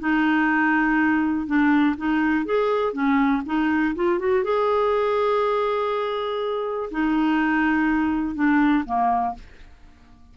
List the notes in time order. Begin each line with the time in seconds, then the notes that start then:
0.00 D#4
1.47 D4
1.97 D#4
2.46 G#4
2.93 C#4
3.46 D#4
3.96 F4
4.19 F#4
4.44 G#4
6.91 D#4
8.35 D4
8.85 A#3